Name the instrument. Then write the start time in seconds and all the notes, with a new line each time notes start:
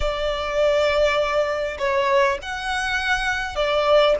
violin
0.00 D5
1.78 C#5
2.42 F#5
3.55 D5